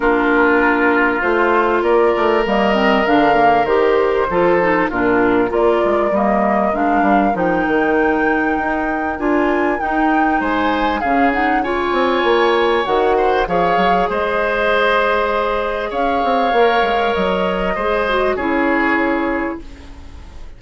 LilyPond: <<
  \new Staff \with { instrumentName = "flute" } { \time 4/4 \tempo 4 = 98 ais'2 c''4 d''4 | dis''4 f''4 c''2 | ais'4 d''4 dis''4 f''4 | g''2. gis''4 |
g''4 gis''4 f''8 fis''8 gis''4~ | gis''4 fis''4 f''4 dis''4~ | dis''2 f''2 | dis''2 cis''2 | }
  \new Staff \with { instrumentName = "oboe" } { \time 4/4 f'2. ais'4~ | ais'2. a'4 | f'4 ais'2.~ | ais'1~ |
ais'4 c''4 gis'4 cis''4~ | cis''4. c''8 cis''4 c''4~ | c''2 cis''2~ | cis''4 c''4 gis'2 | }
  \new Staff \with { instrumentName = "clarinet" } { \time 4/4 d'2 f'2 | ais8 c'8 d'8 ais8 g'4 f'8 dis'8 | d'4 f'4 ais4 d'4 | dis'2. f'4 |
dis'2 cis'8 dis'8 f'4~ | f'4 fis'4 gis'2~ | gis'2. ais'4~ | ais'4 gis'8 fis'8 e'2 | }
  \new Staff \with { instrumentName = "bassoon" } { \time 4/4 ais2 a4 ais8 a8 | g4 d4 dis4 f4 | ais,4 ais8 gis8 g4 gis8 g8 | f8 dis4. dis'4 d'4 |
dis'4 gis4 cis4. c'8 | ais4 dis4 f8 fis8 gis4~ | gis2 cis'8 c'8 ais8 gis8 | fis4 gis4 cis'2 | }
>>